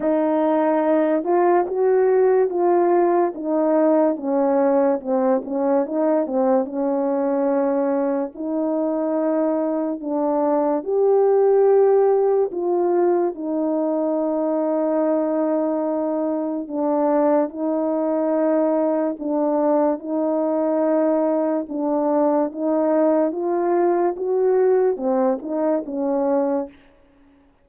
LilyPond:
\new Staff \with { instrumentName = "horn" } { \time 4/4 \tempo 4 = 72 dis'4. f'8 fis'4 f'4 | dis'4 cis'4 c'8 cis'8 dis'8 c'8 | cis'2 dis'2 | d'4 g'2 f'4 |
dis'1 | d'4 dis'2 d'4 | dis'2 d'4 dis'4 | f'4 fis'4 c'8 dis'8 cis'4 | }